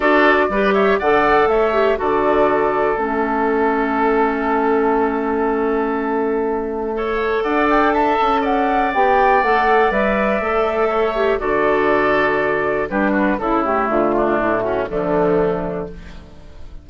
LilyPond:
<<
  \new Staff \with { instrumentName = "flute" } { \time 4/4 \tempo 4 = 121 d''4. e''8 fis''4 e''4 | d''2 e''2~ | e''1~ | e''2. fis''8 g''8 |
a''4 fis''4 g''4 fis''4 | e''2. d''4~ | d''2 b'4 a'8 g'8 | f'4 e'8 fis'8 d'2 | }
  \new Staff \with { instrumentName = "oboe" } { \time 4/4 a'4 b'8 cis''8 d''4 cis''4 | a'1~ | a'1~ | a'2 cis''4 d''4 |
e''4 d''2.~ | d''2 cis''4 a'4~ | a'2 g'8 fis'8 e'4~ | e'8 d'4 cis'8 a2 | }
  \new Staff \with { instrumentName = "clarinet" } { \time 4/4 fis'4 g'4 a'4. g'8 | fis'2 cis'2~ | cis'1~ | cis'2 a'2~ |
a'2 g'4 a'4 | b'4 a'4. g'8 fis'4~ | fis'2 d'4 e'8 a8~ | a2 f2 | }
  \new Staff \with { instrumentName = "bassoon" } { \time 4/4 d'4 g4 d4 a4 | d2 a2~ | a1~ | a2. d'4~ |
d'8 cis'4. b4 a4 | g4 a2 d4~ | d2 g4 cis4 | d4 a,4 d2 | }
>>